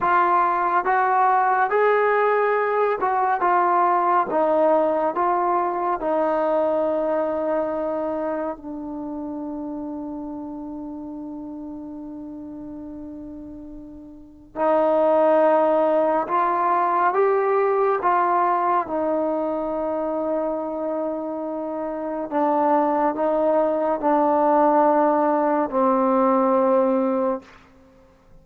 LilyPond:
\new Staff \with { instrumentName = "trombone" } { \time 4/4 \tempo 4 = 70 f'4 fis'4 gis'4. fis'8 | f'4 dis'4 f'4 dis'4~ | dis'2 d'2~ | d'1~ |
d'4 dis'2 f'4 | g'4 f'4 dis'2~ | dis'2 d'4 dis'4 | d'2 c'2 | }